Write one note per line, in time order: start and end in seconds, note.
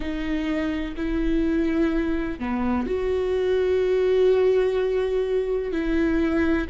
0.00 0.95 D#4
0.96 2.39 E4
2.39 2.86 B3
2.86 5.71 F#4
5.71 6.67 E4